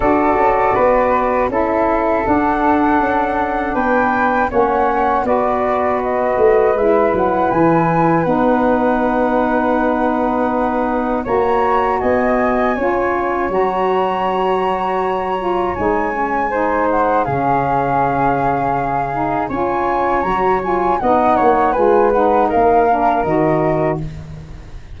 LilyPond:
<<
  \new Staff \with { instrumentName = "flute" } { \time 4/4 \tempo 4 = 80 d''2 e''4 fis''4~ | fis''4 g''4 fis''4 d''4 | dis''4 e''8 fis''8 gis''4 fis''4~ | fis''2. ais''4 |
gis''2 ais''2~ | ais''4 gis''4. fis''8 f''4~ | f''2 gis''4 ais''8 gis''8 | fis''4 gis''8 fis''8 f''4 dis''4 | }
  \new Staff \with { instrumentName = "flute" } { \time 4/4 a'4 b'4 a'2~ | a'4 b'4 cis''4 b'4~ | b'1~ | b'2. cis''4 |
dis''4 cis''2.~ | cis''2 c''4 gis'4~ | gis'2 cis''2 | dis''8 cis''8 b'4 ais'2 | }
  \new Staff \with { instrumentName = "saxophone" } { \time 4/4 fis'2 e'4 d'4~ | d'2 cis'4 fis'4~ | fis'4 e'2 dis'4~ | dis'2. fis'4~ |
fis'4 f'4 fis'2~ | fis'8 f'8 dis'8 cis'8 dis'4 cis'4~ | cis'4. dis'8 f'4 fis'8 f'8 | dis'4 f'8 dis'4 d'8 fis'4 | }
  \new Staff \with { instrumentName = "tuba" } { \time 4/4 d'8 cis'8 b4 cis'4 d'4 | cis'4 b4 ais4 b4~ | b8 a8 gis8 fis8 e4 b4~ | b2. ais4 |
b4 cis'4 fis2~ | fis4 gis2 cis4~ | cis2 cis'4 fis4 | b8 ais8 gis4 ais4 dis4 | }
>>